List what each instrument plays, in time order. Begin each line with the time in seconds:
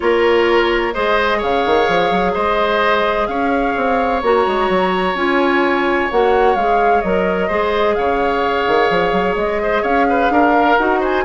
0.00 bassoon A#3, clarinet F4, oboe A#4, flute C#5
0.93 bassoon G#3, clarinet G#4, oboe C5, flute D#5
1.38 bassoon C#3, oboe C#5, flute F5
1.65 bassoon D#3
1.88 bassoon F3
2.11 bassoon F#3
2.33 bassoon G#3, oboe C5, flute D#5
3.27 bassoon C#4, oboe C#5, flute F5
3.76 bassoon C4
4.22 bassoon A#3, clarinet F#4, flute A#5
4.46 bassoon G#3
4.69 bassoon F#3
5.14 bassoon C#4, clarinet F4, flute G#5
6.11 bassoon A#3, clarinet F#4, flute F#5
6.55 bassoon G#3, clarinet G#4, flute F5
7.01 bassoon F#3, clarinet A#4, flute D#5
7.47 bassoon G#3, clarinet G#4, oboe C5
7.95 bassoon C#3, oboe C#5, flute F5
8.67 bassoon D#3
8.89 bassoon F3
9.12 bassoon F#3
9.35 bassoon G#3, flute D#5
9.62 oboe C5
9.82 bassoon C#4, oboe C#5, flute F5
10.09 oboe B4
10.29 bassoon D4, oboe A#4
10.55 clarinet A#4
10.77 bassoon D#4, clarinet F#4, flute F#5
11.00 oboe C5, flute G#5